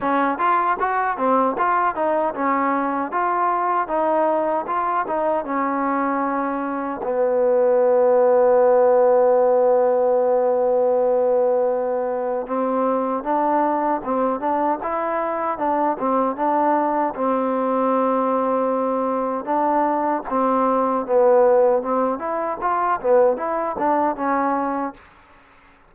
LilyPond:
\new Staff \with { instrumentName = "trombone" } { \time 4/4 \tempo 4 = 77 cis'8 f'8 fis'8 c'8 f'8 dis'8 cis'4 | f'4 dis'4 f'8 dis'8 cis'4~ | cis'4 b2.~ | b1 |
c'4 d'4 c'8 d'8 e'4 | d'8 c'8 d'4 c'2~ | c'4 d'4 c'4 b4 | c'8 e'8 f'8 b8 e'8 d'8 cis'4 | }